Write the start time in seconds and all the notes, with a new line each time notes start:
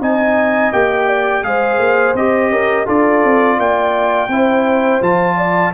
0.00 C4 D#4 D#5 G#5
0.72 A#3 G4 G5
1.07 D5
1.43 G#3 G#4 C5 F5
1.78 A#3
2.14 C4 G4 D#5
2.49 C#4 A#4
2.85 D4 F4 A4 D5
3.24 C4
3.58 A#3 D5 G5
4.28 C4 E4 C5
5.00 F3 F4 A5
5.36 D5